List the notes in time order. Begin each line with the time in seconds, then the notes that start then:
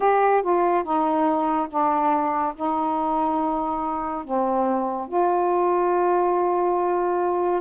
0.00 G4
0.42 F4
0.83 D#4
1.69 D4
2.55 D#4
4.24 C4
5.07 F4